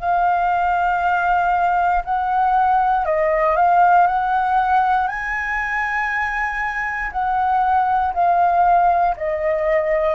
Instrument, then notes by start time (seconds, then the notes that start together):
flute
0.00 F5
2.05 F#5
3.06 D#5
3.56 F5
4.07 F#5
5.08 G#5
7.12 F#5
8.14 F5
9.17 D#5